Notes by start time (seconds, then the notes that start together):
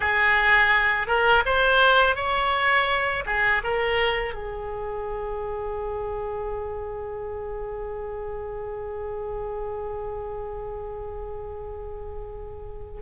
0.00 G#4
1.06 A#4
1.45 C5
2.15 C#5
3.26 G#4
3.63 A#4
4.34 G#4